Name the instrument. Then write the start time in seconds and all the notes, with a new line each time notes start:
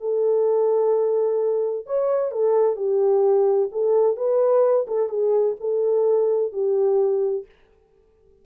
horn
0.00 A4
1.86 C#5
2.31 A4
2.76 G4
3.71 A4
4.16 B4
4.87 A4
5.09 G#4
5.60 A4
6.52 G4